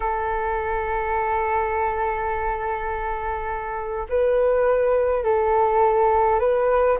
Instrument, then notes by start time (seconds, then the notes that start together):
flute
0.00 A4
4.09 B4
5.23 A4
6.39 B4